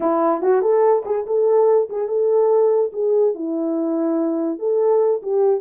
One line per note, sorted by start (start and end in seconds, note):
0.00 0.41 E4
0.41 0.61 F#4
0.61 1.03 A4
1.05 1.26 G#4
1.26 1.88 A4
1.89 2.07 G#4
2.07 2.91 A4
2.93 3.34 G#4
3.34 4.59 E4
4.59 5.21 A4
5.22 5.61 G4